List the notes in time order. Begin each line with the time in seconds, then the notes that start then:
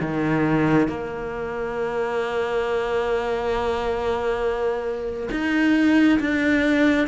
0.00 D#3
0.88 A#3
5.31 D#4
6.19 D4